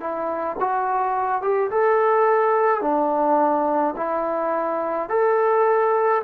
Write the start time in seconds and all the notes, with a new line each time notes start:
0.00 E4
0.59 F#4
1.42 G4
1.70 A4
2.81 D4
3.96 E4
5.09 A4